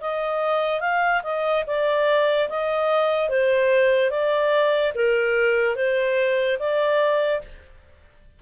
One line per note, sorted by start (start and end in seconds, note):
0.00 0.80 D#5
0.80 1.21 F5
1.23 1.64 D#5
1.66 2.48 D5
2.49 3.29 D#5
3.29 4.10 C5
4.10 4.92 D5
4.95 5.75 A#4
5.75 6.57 C5
6.59 7.41 D5